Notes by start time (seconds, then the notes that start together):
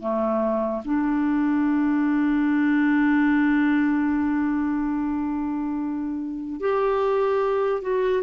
0.00 A3
0.85 D4
6.61 G4
7.82 F#4